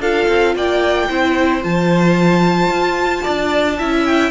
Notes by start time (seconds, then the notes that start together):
0.00 D4 F4 A4 F5
0.28 C4
0.56 A#3 D5 G5
1.09 C4 E4 C5
1.62 F3 F4 A5
2.68 F4
3.23 D4 D5
3.79 C#4 E4 E5
4.05 G5